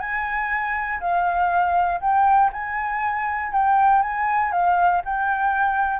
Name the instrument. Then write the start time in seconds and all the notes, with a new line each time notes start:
flute
0.00 G#5
1.00 F5
2.01 G5
2.53 G#5
3.52 G5
4.02 G#5
4.52 F5
5.05 G5